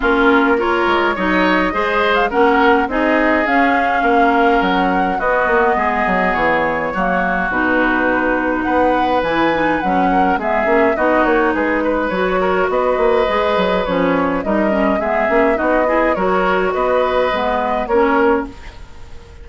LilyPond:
<<
  \new Staff \with { instrumentName = "flute" } { \time 4/4 \tempo 4 = 104 ais'4 cis''4 dis''4.~ dis''16 f''16 | fis''4 dis''4 f''2 | fis''4 dis''2 cis''4~ | cis''4 b'2 fis''4 |
gis''4 fis''4 e''4 dis''8 cis''8 | b'4 cis''4 dis''2 | cis''4 dis''4 e''4 dis''4 | cis''4 dis''2 cis''4 | }
  \new Staff \with { instrumentName = "oboe" } { \time 4/4 f'4 ais'4 cis''4 c''4 | ais'4 gis'2 ais'4~ | ais'4 fis'4 gis'2 | fis'2. b'4~ |
b'4. ais'8 gis'4 fis'4 | gis'8 b'4 ais'8 b'2~ | b'4 ais'4 gis'4 fis'8 gis'8 | ais'4 b'2 ais'4 | }
  \new Staff \with { instrumentName = "clarinet" } { \time 4/4 cis'4 f'4 dis'4 gis'4 | cis'4 dis'4 cis'2~ | cis'4 b2. | ais4 dis'2. |
e'8 dis'8 cis'4 b8 cis'8 dis'4~ | dis'4 fis'2 gis'4 | cis'4 dis'8 cis'8 b8 cis'8 dis'8 e'8 | fis'2 b4 cis'4 | }
  \new Staff \with { instrumentName = "bassoon" } { \time 4/4 ais4. gis8 fis4 gis4 | ais4 c'4 cis'4 ais4 | fis4 b8 ais8 gis8 fis8 e4 | fis4 b,2 b4 |
e4 fis4 gis8 ais8 b8 ais8 | gis4 fis4 b8 ais8 gis8 fis8 | f4 g4 gis8 ais8 b4 | fis4 b4 gis4 ais4 | }
>>